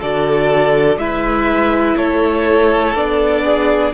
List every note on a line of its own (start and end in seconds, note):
0.00 0.97 D3
0.00 0.99 F#4
0.00 0.98 A4
0.00 0.99 D5
0.97 1.95 G#3
0.97 2.96 E4
0.97 1.98 B4
0.97 1.97 E5
1.97 2.95 A3
1.97 3.44 A4
1.97 2.95 C#5
2.95 3.94 B3
2.95 3.94 D4
2.95 3.93 D5
3.44 3.94 G#4